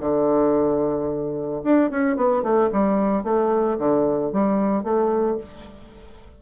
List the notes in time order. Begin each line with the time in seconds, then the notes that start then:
0.00 D3
1.63 D4
1.90 C#4
2.16 B3
2.43 A3
2.72 G3
3.24 A3
3.78 D3
4.32 G3
4.84 A3